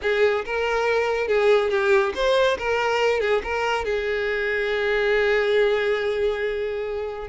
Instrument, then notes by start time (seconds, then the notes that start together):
violin
0.02 G#4
0.45 A#4
1.27 G#4
1.70 G4
2.14 C5
2.57 A#4
3.20 G#4
3.43 A#4
3.85 G#4